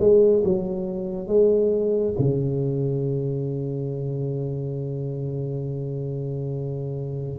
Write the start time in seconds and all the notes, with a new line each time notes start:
0.00 G#3
0.45 F#3
1.28 G#3
2.19 C#3